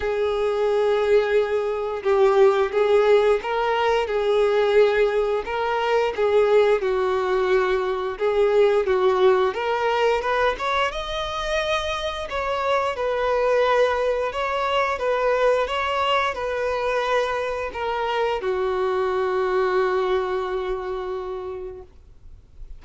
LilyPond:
\new Staff \with { instrumentName = "violin" } { \time 4/4 \tempo 4 = 88 gis'2. g'4 | gis'4 ais'4 gis'2 | ais'4 gis'4 fis'2 | gis'4 fis'4 ais'4 b'8 cis''8 |
dis''2 cis''4 b'4~ | b'4 cis''4 b'4 cis''4 | b'2 ais'4 fis'4~ | fis'1 | }